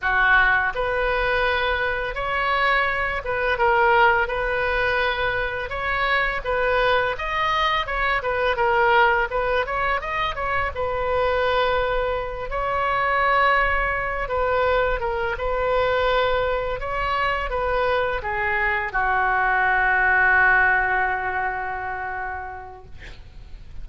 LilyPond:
\new Staff \with { instrumentName = "oboe" } { \time 4/4 \tempo 4 = 84 fis'4 b'2 cis''4~ | cis''8 b'8 ais'4 b'2 | cis''4 b'4 dis''4 cis''8 b'8 | ais'4 b'8 cis''8 dis''8 cis''8 b'4~ |
b'4. cis''2~ cis''8 | b'4 ais'8 b'2 cis''8~ | cis''8 b'4 gis'4 fis'4.~ | fis'1 | }